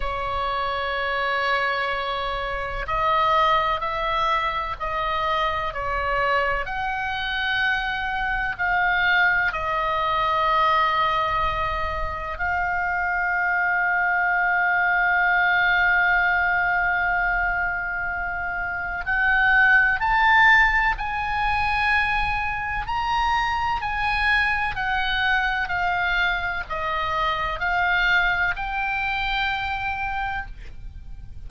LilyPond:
\new Staff \with { instrumentName = "oboe" } { \time 4/4 \tempo 4 = 63 cis''2. dis''4 | e''4 dis''4 cis''4 fis''4~ | fis''4 f''4 dis''2~ | dis''4 f''2.~ |
f''1 | fis''4 a''4 gis''2 | ais''4 gis''4 fis''4 f''4 | dis''4 f''4 g''2 | }